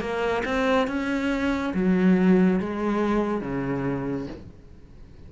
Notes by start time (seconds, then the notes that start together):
0.00 A#3
0.45 C4
0.87 C#4
1.74 F#3
2.59 G#3
3.41 C#3